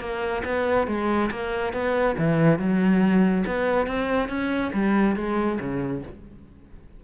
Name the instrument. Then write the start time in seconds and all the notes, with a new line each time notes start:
cello
0.00 A#3
0.44 B3
0.87 G#3
1.31 A#3
1.73 B3
2.18 E3
2.59 F#3
3.47 B3
3.87 C4
4.29 C#4
4.73 G3
5.16 G#3
5.60 C#3